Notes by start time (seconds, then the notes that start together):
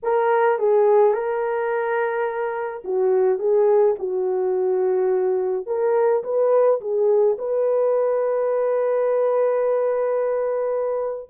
0.03 A#4
0.58 G#4
1.13 A#4
2.84 F#4
3.38 G#4
3.98 F#4
5.66 A#4
6.23 B4
6.80 G#4
7.38 B4